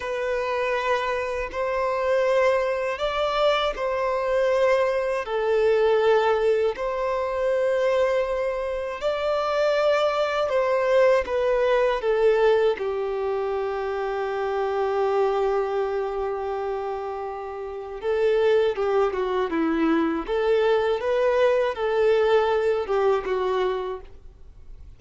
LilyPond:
\new Staff \with { instrumentName = "violin" } { \time 4/4 \tempo 4 = 80 b'2 c''2 | d''4 c''2 a'4~ | a'4 c''2. | d''2 c''4 b'4 |
a'4 g'2.~ | g'1 | a'4 g'8 fis'8 e'4 a'4 | b'4 a'4. g'8 fis'4 | }